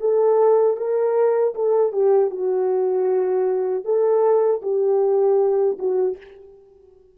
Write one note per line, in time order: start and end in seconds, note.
0.00 0.77 A4
0.77 1.54 A#4
1.55 1.92 A4
1.92 2.30 G4
2.30 3.84 F#4
3.84 4.61 A4
4.62 5.77 G4
5.79 6.17 F#4